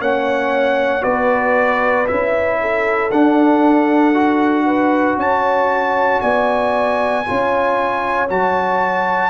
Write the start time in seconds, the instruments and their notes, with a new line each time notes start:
0.00 tuba A#3, trombone C#4, horn C#5, trumpet F#5
1.01 tuba B3, trombone F#4, horn B4, trumpet D5
2.07 tuba C#4, trombone E4, trumpet E5
2.61 horn A4
3.11 tuba D4, trombone D4, trumpet F#5
4.14 trombone F#4
4.66 horn B4
5.16 tuba C#4, horn C#5, trumpet A5
6.21 tuba B3, horn D5, trumpet G#5
7.25 tuba C#4, trombone F4, horn C#5
8.29 tuba F#3, trombone F#4, trumpet A5